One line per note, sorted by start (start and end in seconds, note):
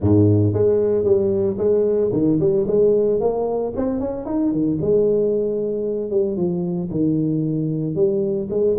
0.00 0.53 G#2
0.53 1.04 G#3
1.04 1.57 G3
1.58 2.11 G#3
2.12 2.39 D#3
2.39 2.66 G3
2.67 3.20 G#3
3.20 3.73 A#3
3.76 4.00 C4
4.00 4.25 C#4
4.25 4.51 D#4
4.51 4.78 D#3
4.81 6.10 G#3
6.10 6.36 G3
6.36 6.89 F3
6.91 7.95 D#3
7.95 8.48 G3
8.50 8.76 G#3